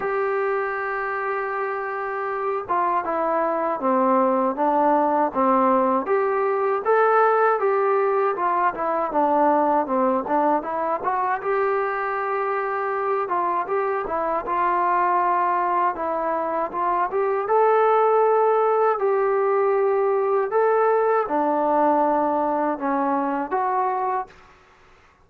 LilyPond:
\new Staff \with { instrumentName = "trombone" } { \time 4/4 \tempo 4 = 79 g'2.~ g'8 f'8 | e'4 c'4 d'4 c'4 | g'4 a'4 g'4 f'8 e'8 | d'4 c'8 d'8 e'8 fis'8 g'4~ |
g'4. f'8 g'8 e'8 f'4~ | f'4 e'4 f'8 g'8 a'4~ | a'4 g'2 a'4 | d'2 cis'4 fis'4 | }